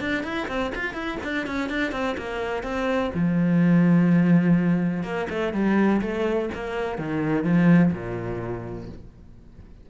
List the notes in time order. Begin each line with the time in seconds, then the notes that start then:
0.00 D4
0.23 E4
0.48 C4
0.75 F4
0.94 E4
1.23 D4
1.46 C#4
1.69 D4
1.92 C4
2.17 A#3
2.63 C4
3.14 F3
5.03 A#3
5.29 A3
5.53 G3
6.01 A3
6.54 A#3
6.98 D#3
7.44 F3
7.92 A#2